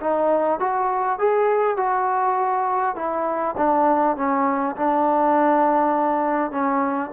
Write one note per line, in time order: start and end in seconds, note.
0.00 0.59 D#4
0.59 1.19 F#4
1.19 1.77 G#4
1.77 2.95 F#4
2.95 3.55 E4
3.57 4.16 D4
4.16 4.76 C#4
4.76 6.51 D4
6.51 7.10 C#4